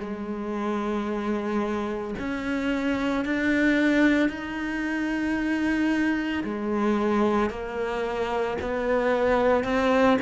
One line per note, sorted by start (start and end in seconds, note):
0.00 2.14 G#3
2.19 3.25 C#4
3.25 4.29 D4
4.29 6.43 D#4
6.44 7.50 G#3
7.50 8.57 A#3
8.62 9.64 B3
9.64 10.18 C4